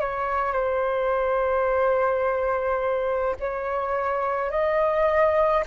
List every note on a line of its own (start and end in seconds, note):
0.00 0.52 C#5
0.52 3.36 C5
3.40 4.50 C#5
4.50 5.63 D#5